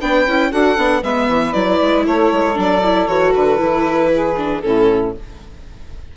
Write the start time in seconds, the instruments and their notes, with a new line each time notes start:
0.00 bassoon B3, viola D4, saxophone B4, violin G5
0.26 bassoon C#4, viola E4
0.50 bassoon D4, viola F#4, saxophone A4, violin F#5
0.77 bassoon B3, viola D4
1.03 bassoon G#3, viola B3, saxophone B4, violin E5
1.29 bassoon E3
1.53 bassoon F#3, viola E4, violin D5
1.82 bassoon G#3
2.06 bassoon A3, saxophone A4, violin C#5
2.32 bassoon G#3
2.54 bassoon F#3, viola D4
2.61 violin D5
2.84 viola E4
3.08 bassoon E3, viola F#4, violin C#5
3.35 bassoon D3, violin B4
3.59 bassoon E3, viola E4
4.12 saxophone G#4
4.37 viola D4
4.61 bassoon A2, viola C#4, saxophone E4, violin A4